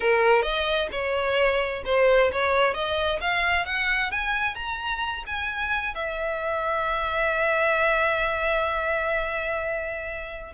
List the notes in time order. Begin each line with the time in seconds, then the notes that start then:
0.00 A#4
0.42 D#5
0.91 C#5
1.85 C5
2.32 C#5
2.74 D#5
3.20 F5
3.65 F#5
4.11 G#5
4.55 A#5
5.26 G#5
5.94 E5